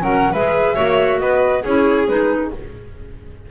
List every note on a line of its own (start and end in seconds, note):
0.00 0.34 F#3
0.00 0.33 C#4
0.00 0.32 A#4
0.00 0.34 F#5
0.32 0.77 G#3
0.32 0.75 G#4
0.32 0.75 B4
0.32 1.19 E5
0.75 1.20 A#3
0.75 1.62 F#4
0.75 1.18 C#5
1.19 1.64 B3
1.19 1.62 B4
1.19 1.63 D#5
1.62 2.08 C#4
1.62 2.08 E4
1.62 2.49 G#4
1.62 2.08 C#5
2.08 2.51 G#3
2.08 2.51 D#4
2.08 2.51 B4